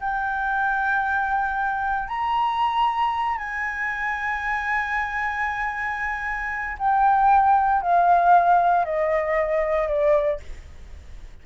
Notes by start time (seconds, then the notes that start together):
0.00 G5
2.08 A#5
3.37 G#5
6.78 G5
7.82 F5
8.85 D#5
9.88 D5